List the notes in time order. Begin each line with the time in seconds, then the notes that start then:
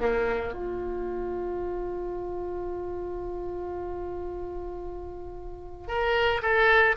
0.00 A#3
0.53 F4
5.88 A#4
6.42 A4